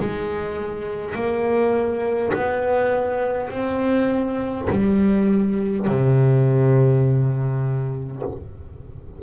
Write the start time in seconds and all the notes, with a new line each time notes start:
0.00 G#3
1.16 A#3
2.34 B3
3.51 C4
4.70 G3
5.87 C3